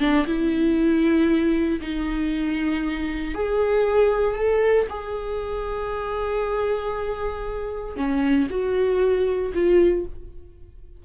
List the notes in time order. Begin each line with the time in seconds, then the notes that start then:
0.00 D4
0.26 E4
1.81 D#4
3.34 G#4
4.36 A4
4.90 G#4
7.97 C#4
8.50 F#4
9.54 F4